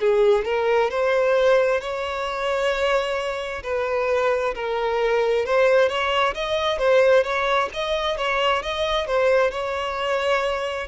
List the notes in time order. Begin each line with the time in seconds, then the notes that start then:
0.00 G#4
0.45 A#4
0.90 C5
1.81 C#5
3.63 B4
4.55 A#4
5.45 C5
5.88 C#5
6.34 D#5
6.78 C5
7.24 C#5
7.74 D#5
8.17 C#5
8.62 D#5
9.07 C5
9.50 C#5